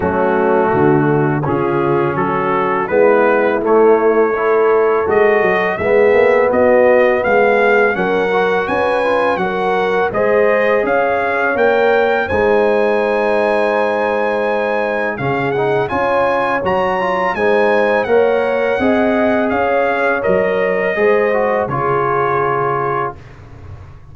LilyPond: <<
  \new Staff \with { instrumentName = "trumpet" } { \time 4/4 \tempo 4 = 83 fis'2 gis'4 a'4 | b'4 cis''2 dis''4 | e''4 dis''4 f''4 fis''4 | gis''4 fis''4 dis''4 f''4 |
g''4 gis''2.~ | gis''4 f''8 fis''8 gis''4 ais''4 | gis''4 fis''2 f''4 | dis''2 cis''2 | }
  \new Staff \with { instrumentName = "horn" } { \time 4/4 cis'4 fis'4 f'4 fis'4 | e'2 a'2 | gis'4 fis'4 gis'4 ais'4 | b'4 ais'4 c''4 cis''4~ |
cis''4 c''2.~ | c''4 gis'4 cis''2 | c''4 cis''4 dis''4 cis''4~ | cis''4 c''4 gis'2 | }
  \new Staff \with { instrumentName = "trombone" } { \time 4/4 a2 cis'2 | b4 a4 e'4 fis'4 | b2. cis'8 fis'8~ | fis'8 f'8 fis'4 gis'2 |
ais'4 dis'2.~ | dis'4 cis'8 dis'8 f'4 fis'8 f'8 | dis'4 ais'4 gis'2 | ais'4 gis'8 fis'8 f'2 | }
  \new Staff \with { instrumentName = "tuba" } { \time 4/4 fis4 d4 cis4 fis4 | gis4 a2 gis8 fis8 | gis8 ais8 b4 gis4 fis4 | cis'4 fis4 gis4 cis'4 |
ais4 gis2.~ | gis4 cis4 cis'4 fis4 | gis4 ais4 c'4 cis'4 | fis4 gis4 cis2 | }
>>